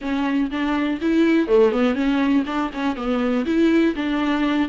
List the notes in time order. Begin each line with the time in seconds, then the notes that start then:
0.01 C#4
0.51 D4
1.01 E4
1.47 A3
1.71 B3
1.94 C#4
2.46 D4
2.73 C#4
2.96 B3
3.45 E4
3.95 D4